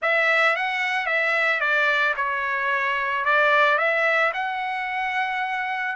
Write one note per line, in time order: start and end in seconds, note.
0.01 0.56 E5
0.56 1.06 F#5
1.06 1.60 E5
1.60 2.14 D5
2.16 3.24 C#5
3.24 3.78 D5
3.78 4.32 E5
4.33 5.95 F#5